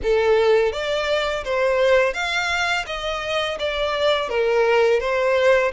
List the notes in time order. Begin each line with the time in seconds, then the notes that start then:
0.02 A4
0.72 D5
1.44 C5
2.13 F5
2.86 D#5
3.59 D5
4.29 A#4
5.00 C5